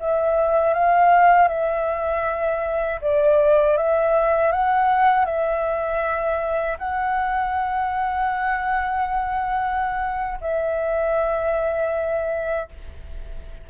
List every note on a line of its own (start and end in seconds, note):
0.00 0.74 E5
0.74 1.48 F5
1.48 3.00 E5
3.01 3.77 D5
3.77 4.52 E5
4.52 5.25 F#5
5.25 6.77 E5
6.79 10.39 F#5
10.41 12.69 E5